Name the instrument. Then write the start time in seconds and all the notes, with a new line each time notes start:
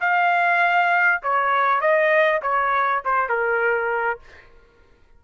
trumpet
0.00 F5
1.22 C#5
1.80 D#5
2.42 C#5
3.04 C5
3.28 A#4